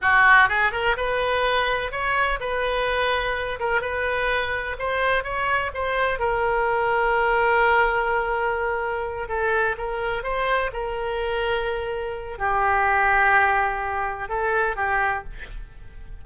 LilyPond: \new Staff \with { instrumentName = "oboe" } { \time 4/4 \tempo 4 = 126 fis'4 gis'8 ais'8 b'2 | cis''4 b'2~ b'8 ais'8 | b'2 c''4 cis''4 | c''4 ais'2.~ |
ais'2.~ ais'8 a'8~ | a'8 ais'4 c''4 ais'4.~ | ais'2 g'2~ | g'2 a'4 g'4 | }